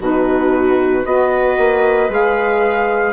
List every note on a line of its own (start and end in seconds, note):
0.00 1.05 B2
0.00 1.05 D#4
0.00 1.05 F#4
0.00 1.05 B4
1.05 1.57 B3
1.05 2.10 F#4
1.05 3.12 B4
1.05 2.11 D#5
1.57 2.09 A#3
2.09 3.12 G#3
2.09 3.12 G#4
2.09 3.12 F5